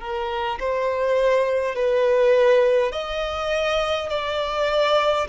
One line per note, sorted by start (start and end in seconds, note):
0.00 0.59 A#4
0.60 1.75 C5
1.75 2.93 B4
2.93 4.10 D#5
4.10 5.28 D5